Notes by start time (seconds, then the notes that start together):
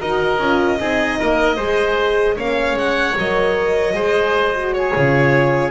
0.00 D#4 F#4 A#4 D#5
0.39 C#4 F4
0.79 C4 D#4 G#4
1.20 A#3 A#4
1.56 G#3 G#4 C5
2.36 A#3 C#4 C#5 F5
2.74 G#3 F#5
3.17 F#3 A#4 D#5
3.93 G#3 G#4 C5
4.55 F#4
4.74 G#4 C#5
4.94 C#3 F4